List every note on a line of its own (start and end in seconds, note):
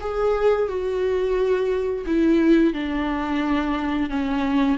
0.00 0.68 G#4
0.68 2.05 F#4
2.06 2.73 E4
2.73 4.10 D4
4.10 4.78 C#4